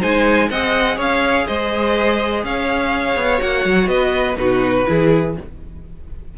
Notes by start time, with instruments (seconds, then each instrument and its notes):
0.00 cello G#3, viola D#4, violin C5 G#5
0.49 cello C4, viola G#4, violin D#5 F#5
0.96 cello C#4, violin C#5 F5
1.47 cello G#3, violin C5 D#5
2.43 cello C#4, violin C#5 F5
3.15 cello B3
3.37 cello A#3, viola F#4, violin F#5
3.65 cello F#3
3.87 cello B3, violin B4 D#5
4.36 cello B2, viola D#4, violin F#4 B4
4.86 cello E3, viola E4, violin G#4